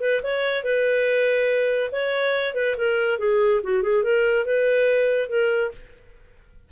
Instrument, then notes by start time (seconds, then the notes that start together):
clarinet
0.00 B4
0.23 C#5
0.63 B4
1.92 C#5
2.54 B4
2.77 A#4
3.18 G#4
3.63 F#4
3.82 G#4
4.03 A#4
4.45 B4
5.29 A#4